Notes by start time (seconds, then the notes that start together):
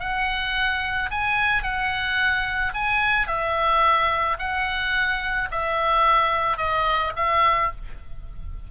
0.00 F#5
1.11 G#5
1.63 F#5
2.74 G#5
3.28 E5
4.39 F#5
5.51 E5
6.58 D#5
7.16 E5